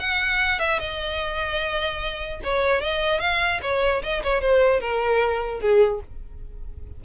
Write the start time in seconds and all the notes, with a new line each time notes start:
0.00 F#5
0.60 E5
0.80 D#5
2.44 C#5
2.82 D#5
3.21 F5
3.63 C#5
4.03 D#5
4.24 C#5
4.42 C5
4.81 A#4
5.61 G#4